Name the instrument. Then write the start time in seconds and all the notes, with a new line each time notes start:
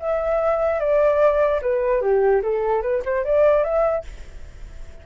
flute
0.00 E5
0.80 D5
1.62 B4
2.02 G4
2.43 A4
2.82 B4
3.05 C5
3.25 D5
3.64 E5